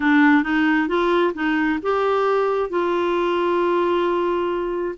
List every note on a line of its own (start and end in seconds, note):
0.00 0.43 D4
0.43 0.88 D#4
0.88 1.33 F4
1.34 1.79 D#4
1.82 2.69 G4
2.69 4.95 F4